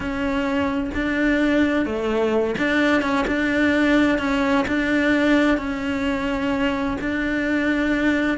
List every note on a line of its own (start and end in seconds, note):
0.00 0.90 C#4
0.94 1.85 D4
1.85 2.55 A3
2.58 3.02 D4
3.02 3.25 C#4
3.27 4.18 D4
4.18 4.65 C#4
4.67 5.57 D4
5.57 6.97 C#4
7.00 8.38 D4